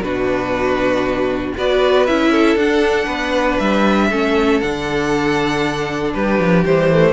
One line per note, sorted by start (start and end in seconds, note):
0.00 1.53 B2
0.00 1.56 D4
0.00 1.57 F#4
0.00 1.54 B4
1.57 2.08 B3
1.57 2.08 F#4
1.57 2.32 B4
1.57 2.07 D5
2.07 2.56 C#4
2.07 2.59 E4
2.07 2.58 E5
2.32 3.06 A4
2.56 3.07 D4
2.56 4.12 D4
2.56 3.59 F#5
3.06 3.58 B3
3.06 4.08 B4
3.59 4.11 G3
3.59 4.60 E5
4.11 4.61 A3
4.11 4.62 C#4
4.11 6.14 A4
4.60 6.15 D3
4.60 6.66 D4
4.60 6.13 F#5
6.14 6.39 G3
6.14 7.13 G4
6.14 6.64 B4
6.39 6.65 F3
6.66 7.13 E3
6.66 6.92 G3
6.66 7.13 C5
6.92 7.13 A3